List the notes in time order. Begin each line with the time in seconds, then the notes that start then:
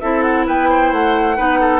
0.00 C4 E4 A4 E5
0.22 F#5
0.46 B3 B4 G5
0.69 C5
0.92 A3 F#5
1.36 B3 D#4 B4
1.60 A4